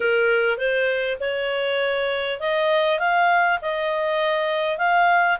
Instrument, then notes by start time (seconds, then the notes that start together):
clarinet
0.00 A#4
0.57 C5
1.19 C#5
2.40 D#5
2.99 F5
3.61 D#5
4.78 F5